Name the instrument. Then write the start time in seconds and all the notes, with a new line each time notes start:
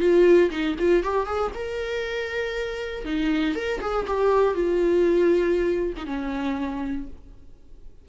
viola
0.00 F4
0.51 D#4
0.79 F4
1.04 G4
1.27 G#4
1.55 A#4
3.05 D#4
3.56 A#4
3.81 G#4
4.07 G4
4.55 F4
5.97 D#4
6.06 C#4